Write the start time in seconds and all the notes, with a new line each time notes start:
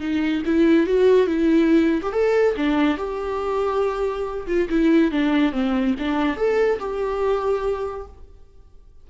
0.00 D#4
0.45 E4
0.86 F#4
1.27 E4
2.02 G4
2.12 A4
2.56 D4
2.97 G4
4.47 F4
4.69 E4
5.11 D4
5.52 C4
5.98 D4
6.36 A4
6.79 G4